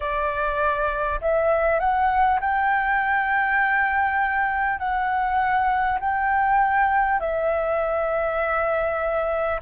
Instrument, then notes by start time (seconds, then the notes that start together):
flute
0.00 D5
1.21 E5
1.79 F#5
2.40 G5
4.78 F#5
6.00 G5
7.20 E5